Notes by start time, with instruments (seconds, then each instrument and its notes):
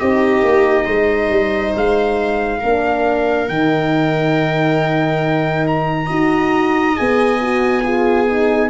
0.00 tuba C4, horn D#4, viola G4, trumpet D#5
0.43 tuba A#3
0.86 tuba G#3, viola C5
1.30 tuba G3
1.76 tuba G#3, trumpet F5
2.60 tuba A#3, horn D4, viola A#4
3.49 tuba D#3, horn D#4, trumpet G5
5.67 trumpet A#5
6.07 tuba D#4, horn F#4, viola D#5
6.96 tuba B3, horn G#4, trumpet G#5
7.42 horn F#4
7.84 horn F4, viola G#4
8.28 horn D#4